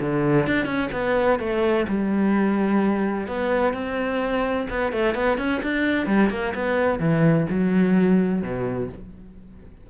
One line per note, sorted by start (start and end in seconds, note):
0.00 0.46 D3
0.46 0.65 D4
0.65 0.89 C#4
0.92 1.39 B3
1.39 1.86 A3
1.88 3.27 G3
3.27 3.73 B3
3.73 4.67 C4
4.69 4.92 B3
4.92 5.14 A3
5.14 5.38 B3
5.38 5.61 C#4
5.62 6.06 D4
6.06 6.30 G3
6.30 6.53 A#3
6.55 6.99 B3
6.99 7.46 E3
7.50 8.42 F#3
8.42 8.89 B2